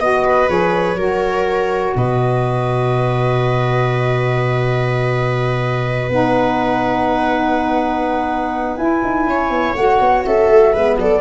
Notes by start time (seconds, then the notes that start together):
0.00 B3 F#4 D#5
0.25 B4
0.48 F3 G#4 C#5
0.95 F#3 F#4 A#4
1.96 B2 B4 D#5
6.09 B3 D#4 F#5
8.77 E4 G#5
9.04 D#4
9.27 C#4 C#5
9.50 B3
9.75 A3 F#4 F#5
10.01 B3
10.25 C#4 A4 E5
10.49 A3
10.73 G#3 B3 B4
10.96 F#3 A4 D5